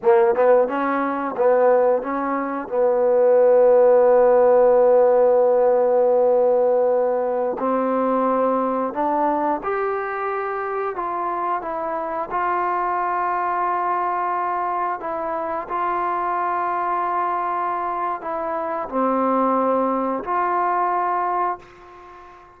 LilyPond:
\new Staff \with { instrumentName = "trombone" } { \time 4/4 \tempo 4 = 89 ais8 b8 cis'4 b4 cis'4 | b1~ | b2.~ b16 c'8.~ | c'4~ c'16 d'4 g'4.~ g'16~ |
g'16 f'4 e'4 f'4.~ f'16~ | f'2~ f'16 e'4 f'8.~ | f'2. e'4 | c'2 f'2 | }